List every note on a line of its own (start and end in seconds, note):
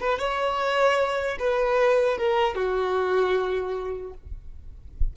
0.00 0.19 B4
0.19 1.37 C#5
1.40 2.18 B4
2.18 2.56 A#4
2.56 4.13 F#4